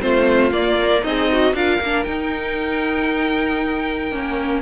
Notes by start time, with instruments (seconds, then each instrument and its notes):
0.00 cello A3, viola C4, violin F4 C5
0.51 viola A#3, cello A#3, violin D5
0.81 viola A#4
1.02 cello C4, violin D#4 D#5, viola G#4
1.32 viola F#4
1.54 cello D4, viola F4, violin A#4 F5
1.81 cello A#3, viola D4
2.04 viola D#4, cello D#4, violin G5
4.12 cello A#3, viola C#4